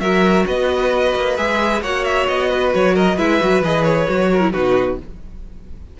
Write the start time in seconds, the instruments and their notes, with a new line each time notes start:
0.00 cello F#3, viola F#4, violin A#4 E5
0.47 cello B3, violin B4 D#5
1.16 cello A#3
1.37 cello G#3, viola G#4, violin E5
1.82 cello A#3, viola F#4, violin C#5 F#5
2.05 violin E5
2.28 cello B3, violin D#5
2.50 violin B4
2.75 cello F#3, violin C#5
2.94 violin A#4 D#5
3.16 cello G#3, viola E4, violin B4 E5
3.41 cello F#3, viola F#4
3.62 cello E3, viola G#4, violin D#5
3.84 violin C#5
4.08 cello F#3, viola F#4
4.32 violin A#4
4.41 viola E4
4.53 cello B2, viola D#4, violin F#4 B4